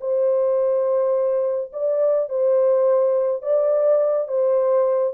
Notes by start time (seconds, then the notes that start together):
0.00 C5
1.72 D5
2.29 C5
3.42 D5
4.28 C5